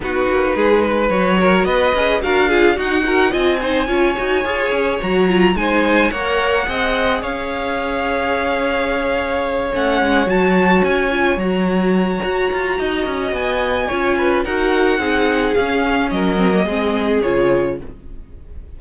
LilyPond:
<<
  \new Staff \with { instrumentName = "violin" } { \time 4/4 \tempo 4 = 108 b'2 cis''4 dis''4 | f''4 fis''4 gis''2~ | gis''4 ais''4 gis''4 fis''4~ | fis''4 f''2.~ |
f''4. fis''4 a''4 gis''8~ | gis''8 ais''2.~ ais''8 | gis''2 fis''2 | f''4 dis''2 cis''4 | }
  \new Staff \with { instrumentName = "violin" } { \time 4/4 fis'4 gis'8 b'4 ais'8 b'4 | ais'8 gis'8 fis'8 ais'8 dis''8 c''8 cis''4~ | cis''2 c''4 cis''4 | dis''4 cis''2.~ |
cis''1~ | cis''2. dis''4~ | dis''4 cis''8 b'8 ais'4 gis'4~ | gis'4 ais'4 gis'2 | }
  \new Staff \with { instrumentName = "viola" } { \time 4/4 dis'2 fis'4. gis'8 | fis'8 f'8 dis'8 fis'8 f'8 dis'8 f'8 fis'8 | gis'4 fis'8 f'8 dis'4 ais'4 | gis'1~ |
gis'4. cis'4 fis'4. | f'8 fis'2.~ fis'8~ | fis'4 f'4 fis'4 dis'4 | cis'4. c'16 ais16 c'4 f'4 | }
  \new Staff \with { instrumentName = "cello" } { \time 4/4 b8 ais8 gis4 fis4 b8 cis'8 | d'4 dis'4 c'4 cis'8 dis'8 | f'8 cis'8 fis4 gis4 ais4 | c'4 cis'2.~ |
cis'4. a8 gis8 fis4 cis'8~ | cis'8 fis4. fis'8 f'8 dis'8 cis'8 | b4 cis'4 dis'4 c'4 | cis'4 fis4 gis4 cis4 | }
>>